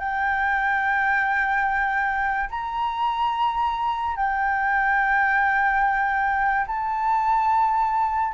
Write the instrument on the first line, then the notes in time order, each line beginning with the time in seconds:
flute
0.00 G5
2.50 A#5
4.17 G5
6.67 A5